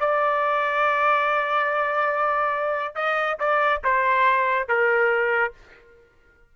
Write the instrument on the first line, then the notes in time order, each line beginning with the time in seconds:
trumpet
0.00 D5
2.95 D#5
3.39 D5
3.84 C5
4.68 A#4